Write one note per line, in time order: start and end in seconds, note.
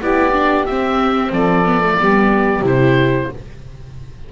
0.00 0.67 B3
0.00 0.32 E4
0.00 1.32 G4
0.00 0.66 D5
0.32 0.65 D4
0.66 1.32 C4
0.66 1.66 C4
0.66 1.31 E5
1.32 1.98 F3
1.32 1.98 A4
1.32 2.65 D5
1.66 1.81 B3
1.81 1.97 A3
1.98 2.61 G3
1.98 2.64 B3
1.98 3.29 G4
2.61 3.27 C3
2.61 3.30 E4
2.61 3.32 C5